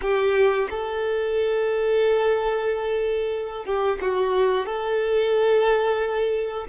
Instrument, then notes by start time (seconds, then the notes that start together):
violin
0.01 G4
0.69 A4
3.65 G4
4.01 F#4
4.66 A4